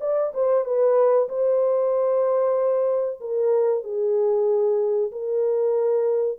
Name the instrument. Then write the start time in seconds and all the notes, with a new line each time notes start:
horn
0.00 D5
0.34 C5
0.64 B4
1.28 C5
3.20 A#4
3.83 G#4
5.11 A#4